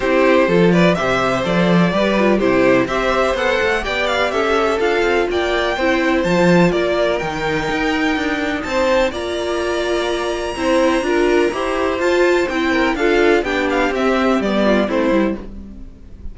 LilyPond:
<<
  \new Staff \with { instrumentName = "violin" } { \time 4/4 \tempo 4 = 125 c''4. d''8 e''4 d''4~ | d''4 c''4 e''4 fis''4 | g''8 f''8 e''4 f''4 g''4~ | g''4 a''4 d''4 g''4~ |
g''2 a''4 ais''4~ | ais''1~ | ais''4 a''4 g''4 f''4 | g''8 f''8 e''4 d''4 c''4 | }
  \new Staff \with { instrumentName = "violin" } { \time 4/4 g'4 a'8 b'8 c''2 | b'4 g'4 c''2 | d''4 a'2 d''4 | c''2 ais'2~ |
ais'2 c''4 d''4~ | d''2 c''4 ais'4 | c''2~ c''8 ais'8 a'4 | g'2~ g'8 f'8 e'4 | }
  \new Staff \with { instrumentName = "viola" } { \time 4/4 e'4 f'4 g'4 a'4 | g'8 f'8 e'4 g'4 a'4 | g'2 f'2 | e'4 f'2 dis'4~ |
dis'2. f'4~ | f'2 e'4 f'4 | g'4 f'4 e'4 f'4 | d'4 c'4 b4 c'8 e'8 | }
  \new Staff \with { instrumentName = "cello" } { \time 4/4 c'4 f4 c4 f4 | g4 c4 c'4 b8 a8 | b4 cis'4 d'8 c'8 ais4 | c'4 f4 ais4 dis4 |
dis'4 d'4 c'4 ais4~ | ais2 c'4 d'4 | e'4 f'4 c'4 d'4 | b4 c'4 g4 a8 g8 | }
>>